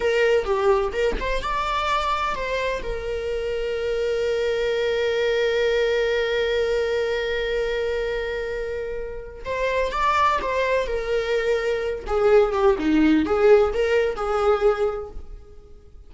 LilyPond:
\new Staff \with { instrumentName = "viola" } { \time 4/4 \tempo 4 = 127 ais'4 g'4 ais'8 c''8 d''4~ | d''4 c''4 ais'2~ | ais'1~ | ais'1~ |
ais'1 | c''4 d''4 c''4 ais'4~ | ais'4. gis'4 g'8 dis'4 | gis'4 ais'4 gis'2 | }